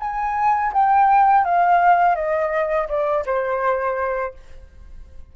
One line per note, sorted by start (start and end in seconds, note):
0.00 0.72 G#5
0.73 1.45 G5
1.45 2.16 F5
2.16 2.88 D#5
2.88 3.25 D5
3.26 4.34 C5